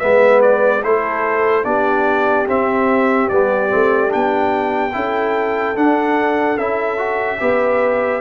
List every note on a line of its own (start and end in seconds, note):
0.00 0.84 G#3
0.00 0.83 B3
0.00 0.84 B4
0.00 0.41 E5
0.42 0.83 D5
0.84 1.65 A3
0.84 1.65 E4
0.84 1.66 A4
0.84 1.65 C5
1.65 2.47 B3
1.65 2.47 D4
1.65 4.95 G4
1.65 2.47 D5
2.48 3.30 C4
2.48 3.31 C4
2.48 3.29 E5
3.29 3.72 G3
3.29 3.70 B3
3.29 4.12 D5
3.70 4.15 A3
3.70 4.09 C4
4.09 4.95 B3
4.09 4.91 D4
4.09 5.77 G5
4.93 5.77 C#4
4.93 5.76 E4
4.93 7.40 A4
5.76 6.58 D4
5.76 6.58 F#5
6.58 7.40 C#4
6.58 6.98 E4
6.58 8.22 E5
6.98 7.39 F#4
7.40 8.22 B3
7.40 8.22 G4
7.40 8.22 B4